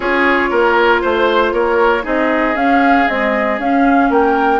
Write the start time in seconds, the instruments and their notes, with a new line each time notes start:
0.00 bassoon C#4, clarinet F4, oboe G#4, flute C#5
0.50 bassoon A#3, oboe A#4
1.01 bassoon A3, oboe C5, flute C5
1.52 bassoon A#3, oboe A#4, flute C#5
2.03 bassoon C4, clarinet D#4, oboe G#4, flute D#5
2.55 bassoon C#4, clarinet C#4, flute F5
3.07 clarinet G#3, bassoon C4, flute D#5
3.59 bassoon C#4, clarinet C#4, flute F5
4.09 bassoon A#3, oboe A#4, flute G5